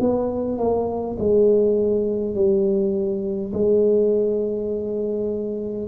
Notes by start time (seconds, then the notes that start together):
0.00 B3
0.58 A#3
1.19 G#3
2.35 G3
3.53 G#3